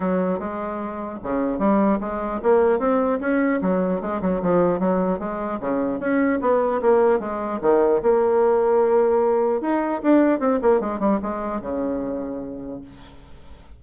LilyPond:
\new Staff \with { instrumentName = "bassoon" } { \time 4/4 \tempo 4 = 150 fis4 gis2 cis4 | g4 gis4 ais4 c'4 | cis'4 fis4 gis8 fis8 f4 | fis4 gis4 cis4 cis'4 |
b4 ais4 gis4 dis4 | ais1 | dis'4 d'4 c'8 ais8 gis8 g8 | gis4 cis2. | }